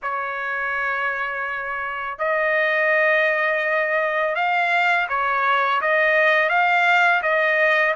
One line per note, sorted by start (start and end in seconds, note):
0.02 2.18 C#5
2.18 4.35 D#5
4.35 5.07 F5
5.08 5.81 C#5
5.81 6.49 D#5
6.49 7.21 F5
7.22 7.94 D#5